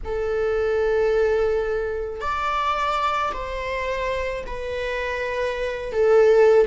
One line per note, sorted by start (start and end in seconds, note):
0.04 2.21 A4
2.21 3.32 D5
3.33 4.44 C5
4.46 5.92 B4
5.92 6.66 A4